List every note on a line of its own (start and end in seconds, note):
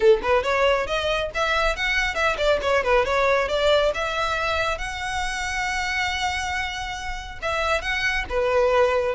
0.00 0.20 A4
0.22 0.43 B4
0.43 0.86 C#5
0.87 1.30 D#5
1.34 1.75 E5
1.75 2.14 F#5
2.14 2.36 E5
2.37 2.59 D5
2.61 2.83 C#5
2.83 3.05 B4
3.05 3.48 C#5
3.48 3.92 D5
3.94 4.78 E5
4.78 7.39 F#5
7.42 7.81 E5
7.81 8.25 F#5
8.29 9.15 B4